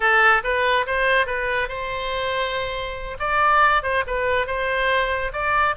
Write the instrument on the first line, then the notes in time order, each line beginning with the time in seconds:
oboe
0.00 A4
0.43 B4
0.86 C5
1.26 B4
1.68 C5
3.19 D5
3.82 C5
4.06 B4
4.47 C5
5.32 D5